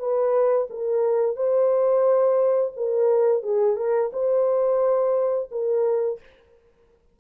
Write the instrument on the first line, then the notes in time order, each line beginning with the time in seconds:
horn
0.00 B4
0.71 A#4
1.36 C5
2.77 A#4
3.43 G#4
3.77 A#4
4.13 C5
5.52 A#4